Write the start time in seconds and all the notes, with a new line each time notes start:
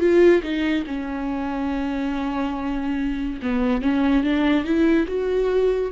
0.00 F4
0.43 D#4
0.87 C#4
3.43 B3
3.82 C#4
4.24 D4
4.64 E4
5.08 F#4